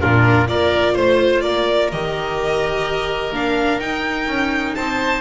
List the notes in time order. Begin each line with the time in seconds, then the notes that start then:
0.00 A#2 D4 F4 A#4
0.48 A#3 F4 A#4 D5
0.93 A3 C5
1.41 A#3 A#4 D5
1.92 D#3 G4 D#5
3.31 A#3 D4 F5
3.79 D#4 G5
4.27 C#4
4.75 C4 C5 A5